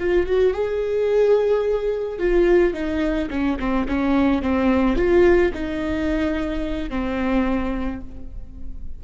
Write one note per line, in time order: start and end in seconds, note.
0.00 0.27 F4
0.27 0.54 F#4
0.54 2.19 G#4
2.19 2.74 F4
2.74 3.29 D#4
3.31 3.58 C#4
3.59 3.87 C4
3.88 4.42 C#4
4.42 4.97 C4
4.97 5.53 F4
5.54 6.90 D#4
6.90 8.01 C4